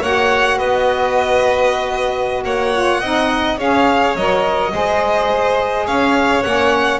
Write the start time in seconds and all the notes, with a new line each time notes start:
0.00 A#3 F#4 C#5 F#5
0.57 B3 B4 D#5
2.44 A#3 C#5 F#5
2.73 F4
3.01 C4 D#4 D#5
3.57 C#4 G#4 C#5 F5
4.15 F#3 A#4 D#5
4.71 G#3 G#4 C5
5.86 C#4 C#5 F5
6.43 A#3 C#4 F#5